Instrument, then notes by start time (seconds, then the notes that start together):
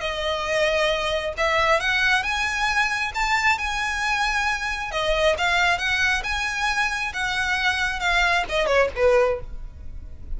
violin
0.00 D#5
1.37 E5
1.80 F#5
2.23 G#5
3.14 A5
3.58 G#5
4.91 D#5
5.37 F5
5.78 F#5
6.23 G#5
7.13 F#5
7.99 F5
8.49 D#5
8.66 C#5
8.95 B4